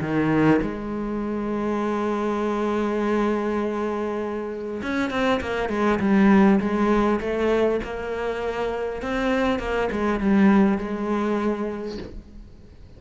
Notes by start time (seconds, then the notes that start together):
0.00 D#3
0.61 G#3
4.82 C#4
5.10 C4
5.40 A#3
5.69 G#3
5.99 G3
6.60 G#3
7.20 A3
7.84 A#3
9.01 C4
9.59 A#3
9.91 G#3
10.19 G3
10.78 G#3